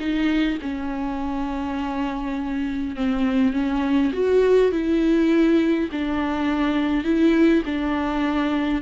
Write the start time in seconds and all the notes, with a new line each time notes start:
0.00 D#4
0.63 C#4
2.97 C4
3.54 C#4
4.14 F#4
4.72 E4
5.93 D4
7.05 E4
7.66 D4